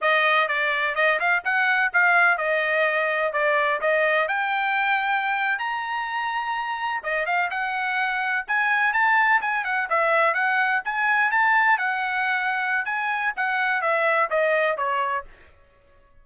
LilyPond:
\new Staff \with { instrumentName = "trumpet" } { \time 4/4 \tempo 4 = 126 dis''4 d''4 dis''8 f''8 fis''4 | f''4 dis''2 d''4 | dis''4 g''2~ g''8. ais''16~ | ais''2~ ais''8. dis''8 f''8 fis''16~ |
fis''4.~ fis''16 gis''4 a''4 gis''16~ | gis''16 fis''8 e''4 fis''4 gis''4 a''16~ | a''8. fis''2~ fis''16 gis''4 | fis''4 e''4 dis''4 cis''4 | }